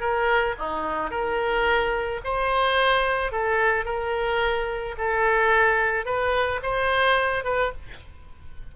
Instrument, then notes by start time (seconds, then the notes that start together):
oboe
0.00 A#4
0.59 D#4
1.11 A#4
2.24 C5
3.32 A4
3.85 A#4
4.98 A4
6.06 B4
6.63 C5
7.44 B4